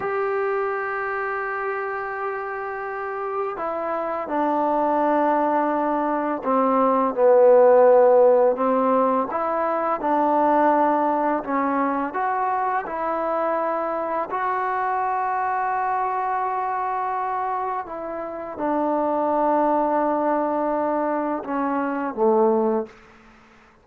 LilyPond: \new Staff \with { instrumentName = "trombone" } { \time 4/4 \tempo 4 = 84 g'1~ | g'4 e'4 d'2~ | d'4 c'4 b2 | c'4 e'4 d'2 |
cis'4 fis'4 e'2 | fis'1~ | fis'4 e'4 d'2~ | d'2 cis'4 a4 | }